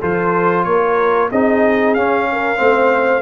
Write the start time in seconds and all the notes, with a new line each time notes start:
0.00 F3 F4 A4 C5
0.65 A#3 A#4 C#5
1.30 C4 D#4 G#4 D#5
1.94 C#4 F5
2.32 A#4
2.56 A3 C4 C5